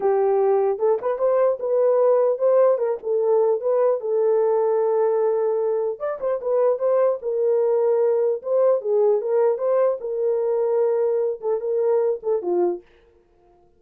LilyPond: \new Staff \with { instrumentName = "horn" } { \time 4/4 \tempo 4 = 150 g'2 a'8 b'8 c''4 | b'2 c''4 ais'8 a'8~ | a'4 b'4 a'2~ | a'2. d''8 c''8 |
b'4 c''4 ais'2~ | ais'4 c''4 gis'4 ais'4 | c''4 ais'2.~ | ais'8 a'8 ais'4. a'8 f'4 | }